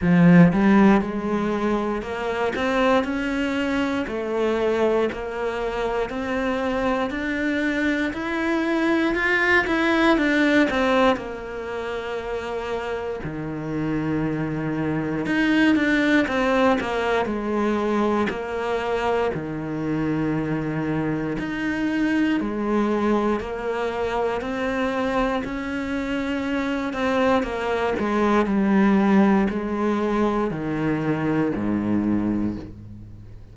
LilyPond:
\new Staff \with { instrumentName = "cello" } { \time 4/4 \tempo 4 = 59 f8 g8 gis4 ais8 c'8 cis'4 | a4 ais4 c'4 d'4 | e'4 f'8 e'8 d'8 c'8 ais4~ | ais4 dis2 dis'8 d'8 |
c'8 ais8 gis4 ais4 dis4~ | dis4 dis'4 gis4 ais4 | c'4 cis'4. c'8 ais8 gis8 | g4 gis4 dis4 gis,4 | }